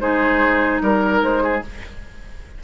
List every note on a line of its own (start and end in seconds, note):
0.00 0.81 G#3
0.00 1.61 D#4
0.00 0.82 G#4
0.00 0.81 C5
0.82 1.22 G3
0.82 1.43 A#4
0.82 1.23 A#4
1.22 1.62 G#3
1.22 1.63 C5
1.43 1.63 G#4